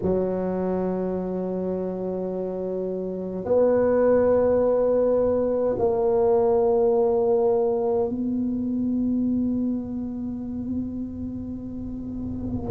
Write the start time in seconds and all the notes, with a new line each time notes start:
0.02 F#3
3.44 B3
5.78 A#3
8.09 B3